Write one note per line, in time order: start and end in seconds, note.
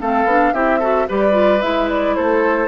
0.00 0.25 A3
0.00 0.28 C4
0.00 0.54 A4
0.00 0.53 F5
0.25 0.52 B3
0.25 0.54 D4
0.53 1.07 C4
0.53 0.81 E4
0.53 0.80 G4
0.53 1.07 E5
0.80 1.08 F#4
0.80 1.07 A4
1.09 1.63 G3
1.09 1.32 G4
1.09 2.16 B4
1.09 1.62 D5
1.32 1.59 F4
1.62 2.17 G#3
1.62 2.68 E4
1.62 1.89 E5
1.89 2.15 D5
2.15 2.68 A3
2.15 2.68 A4
2.15 2.68 C5